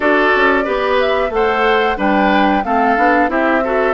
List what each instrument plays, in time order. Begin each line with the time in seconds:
0.00 bassoon D4, clarinet F#4, oboe A4, flute D5
0.35 bassoon C#4
0.64 bassoon B3, clarinet G4, oboe B4
0.99 flute E5
1.29 bassoon A3, clarinet A4, oboe C5, flute F#5
1.97 bassoon G3, clarinet D4, oboe B4, flute G5
2.64 bassoon A3, clarinet C4, oboe A4, flute F5
2.96 bassoon B3, clarinet D4
3.28 bassoon C4, clarinet E4, oboe G4, flute E5
3.64 clarinet F#4, oboe A4